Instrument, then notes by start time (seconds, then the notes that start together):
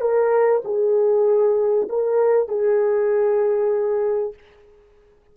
horn
0.00 A#4
0.64 G#4
1.89 A#4
2.48 G#4